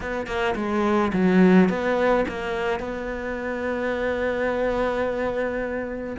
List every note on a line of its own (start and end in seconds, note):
0.00 0.26 B3
0.26 0.54 A#3
0.55 1.11 G#3
1.13 1.69 F#3
1.69 2.25 B3
2.28 2.79 A#3
2.79 6.16 B3